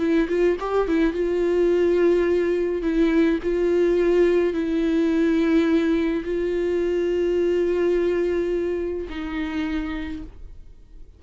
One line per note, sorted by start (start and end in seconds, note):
0.00 0.28 E4
0.29 0.57 F4
0.60 0.89 G4
0.89 1.13 E4
1.13 2.83 F4
2.83 3.39 E4
3.43 4.54 F4
4.54 6.24 E4
6.25 9.08 F4
9.10 10.23 D#4